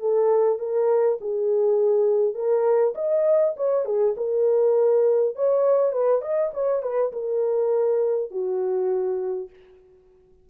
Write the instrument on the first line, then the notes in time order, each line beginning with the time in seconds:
horn
0.00 A4
0.59 A#4
1.21 G#4
2.34 A#4
2.95 D#5
3.56 C#5
3.85 G#4
4.17 A#4
5.35 C#5
5.92 B4
6.21 D#5
6.54 C#5
6.82 B4
7.13 A#4
8.31 F#4